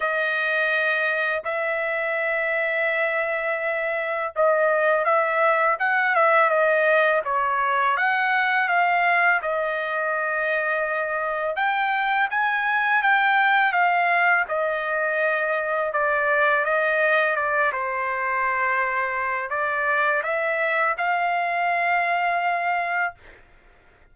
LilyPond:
\new Staff \with { instrumentName = "trumpet" } { \time 4/4 \tempo 4 = 83 dis''2 e''2~ | e''2 dis''4 e''4 | fis''8 e''8 dis''4 cis''4 fis''4 | f''4 dis''2. |
g''4 gis''4 g''4 f''4 | dis''2 d''4 dis''4 | d''8 c''2~ c''8 d''4 | e''4 f''2. | }